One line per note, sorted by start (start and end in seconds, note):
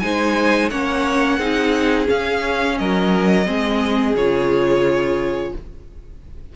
0.00 0.71 G#3
0.00 0.71 D#4
0.00 0.71 C5
0.00 0.69 G#5
0.70 1.38 A#3
0.70 1.40 C#4
0.70 1.38 C#5
0.70 2.08 F#5
1.38 2.07 C4
1.38 2.06 D#4
1.38 2.76 G#4
2.06 3.44 C#4
2.06 2.80 C#4
2.06 2.78 F5
2.78 3.48 F#3
2.78 3.46 A#4
2.78 4.16 D#5
3.46 4.14 G#3
3.46 4.15 C4
3.46 5.53 G#4
4.14 5.52 C#3
4.14 5.56 F4
4.14 5.54 C#5